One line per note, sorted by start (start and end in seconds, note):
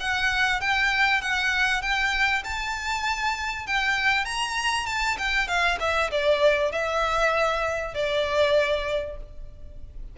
0.00 0.61 F#5
0.61 1.22 G5
1.22 1.82 F#5
1.82 2.43 G5
2.44 3.67 A5
3.67 4.25 G5
4.25 4.86 A#5
4.87 5.17 A5
5.18 5.48 G5
5.48 5.79 F5
5.80 6.11 E5
6.11 6.72 D5
6.72 7.95 E5
7.95 9.17 D5